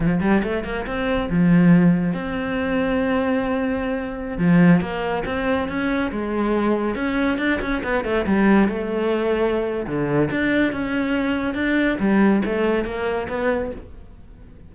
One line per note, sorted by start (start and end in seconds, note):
0.00 0.20 F3
0.20 0.42 G3
0.43 0.64 A3
0.64 0.85 A#3
0.86 1.29 C4
1.30 2.13 F3
2.13 4.37 C4
4.37 4.80 F3
4.80 5.23 A#3
5.25 5.68 C4
5.68 6.11 C#4
6.11 6.95 G#3
6.95 7.38 C#4
7.38 7.59 D4
7.61 7.82 C#4
7.83 8.04 B3
8.04 8.25 A3
8.26 8.68 G3
8.68 9.86 A3
9.86 10.29 D3
10.30 10.72 D4
10.72 11.54 C#4
11.54 11.97 D4
11.99 12.42 G3
12.45 12.84 A3
12.84 13.27 A#3
13.29 13.71 B3